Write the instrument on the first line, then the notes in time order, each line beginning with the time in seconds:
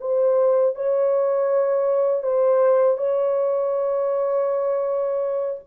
horn
0.00 C5
0.75 C#5
2.22 C5
2.97 C#5